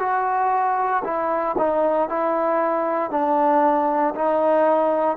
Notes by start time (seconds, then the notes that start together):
0.00 F#4
1.04 E4
1.58 D#4
2.09 E4
3.11 D4
4.15 D#4